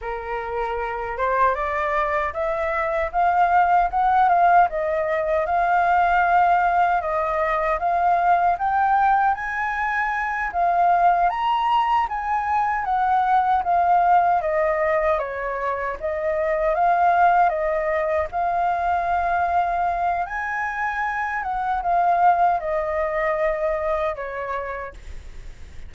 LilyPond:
\new Staff \with { instrumentName = "flute" } { \time 4/4 \tempo 4 = 77 ais'4. c''8 d''4 e''4 | f''4 fis''8 f''8 dis''4 f''4~ | f''4 dis''4 f''4 g''4 | gis''4. f''4 ais''4 gis''8~ |
gis''8 fis''4 f''4 dis''4 cis''8~ | cis''8 dis''4 f''4 dis''4 f''8~ | f''2 gis''4. fis''8 | f''4 dis''2 cis''4 | }